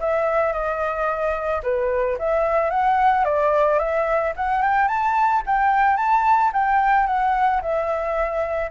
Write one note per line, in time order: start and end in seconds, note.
0.00 0.53 E5
0.53 1.62 D#5
1.63 2.18 B4
2.19 2.70 E5
2.70 3.25 F#5
3.25 3.79 D5
3.79 4.34 E5
4.37 4.63 F#5
4.63 4.88 G5
4.88 5.43 A5
5.46 5.97 G5
5.97 6.52 A5
6.53 7.07 G5
7.07 7.61 F#5
7.62 8.71 E5